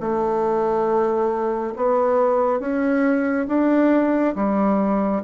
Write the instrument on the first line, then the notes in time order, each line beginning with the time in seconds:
bassoon
0.00 A3
1.76 B3
2.60 C#4
3.48 D4
4.36 G3